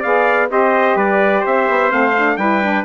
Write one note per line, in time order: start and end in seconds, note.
0.00 0.50 B3
0.00 0.49 G#4
0.00 0.47 D5
0.00 0.50 F5
0.49 0.96 C4
0.49 1.89 G4
0.49 0.96 C5
0.49 0.98 D#5
0.96 1.43 G3
0.96 1.41 B4
0.96 1.46 D5
1.41 1.69 C4
1.41 2.35 C5
1.41 1.92 E5
1.69 1.92 B3
1.89 2.37 A3
1.89 2.13 C4
1.89 2.37 F5
2.16 2.39 D4
2.37 2.84 G3
2.37 2.63 E4
2.37 2.85 B4
2.37 2.84 G5
2.63 2.85 D4